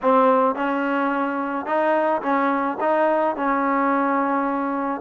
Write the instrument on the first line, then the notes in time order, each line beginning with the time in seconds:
trombone
0.02 C4
0.55 C#4
1.66 D#4
2.22 C#4
2.80 D#4
3.35 C#4